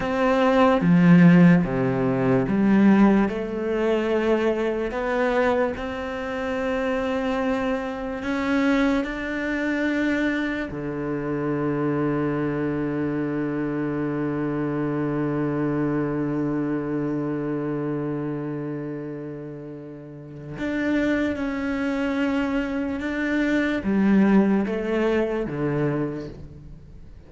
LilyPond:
\new Staff \with { instrumentName = "cello" } { \time 4/4 \tempo 4 = 73 c'4 f4 c4 g4 | a2 b4 c'4~ | c'2 cis'4 d'4~ | d'4 d2.~ |
d1~ | d1~ | d4 d'4 cis'2 | d'4 g4 a4 d4 | }